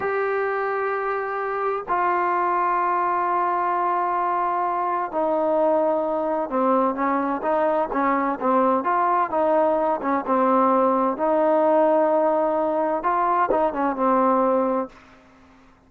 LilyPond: \new Staff \with { instrumentName = "trombone" } { \time 4/4 \tempo 4 = 129 g'1 | f'1~ | f'2. dis'4~ | dis'2 c'4 cis'4 |
dis'4 cis'4 c'4 f'4 | dis'4. cis'8 c'2 | dis'1 | f'4 dis'8 cis'8 c'2 | }